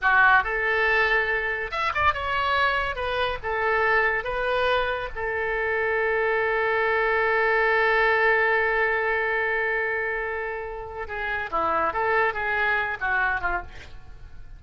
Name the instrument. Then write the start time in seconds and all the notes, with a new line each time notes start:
oboe
0.01 F#4
0.43 A4
1.71 E5
1.94 D5
2.13 C#5
2.95 B4
3.42 A4
4.24 B4
5.15 A4
11.07 G#4
11.50 E4
11.93 A4
12.33 G#4
13.00 F#4
13.40 F4